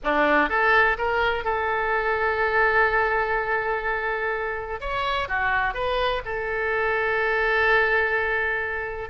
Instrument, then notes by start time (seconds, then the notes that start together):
oboe
0.03 D4
0.49 A4
0.98 A#4
1.44 A4
4.80 C#5
5.28 F#4
5.73 B4
6.25 A4